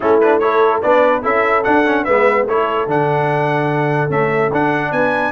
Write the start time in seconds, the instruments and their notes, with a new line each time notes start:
0.00 tuba A3, trombone C#4, horn E4, trumpet A4
0.20 trombone D4, trumpet B4
0.39 trombone E4, horn A4, trumpet C#5
0.82 tuba B3, trombone D4, horn B4, trumpet D5
1.22 tuba C#4, trombone E4, horn A4, trumpet E5
1.63 trombone D4, tuba D4, trumpet F#5
1.86 trombone C#4
2.04 tuba G#3, trombone B3, horn B4, trumpet E5
2.46 tuba A3, trombone E4, horn A4, trumpet C#5
2.86 tuba D3, trombone D4, trumpet F#5
4.09 trombone A3, tuba C#4, trumpet E5
4.51 tuba D4, trombone D4, trumpet F#5
4.91 tuba B3, horn B4, trumpet G#5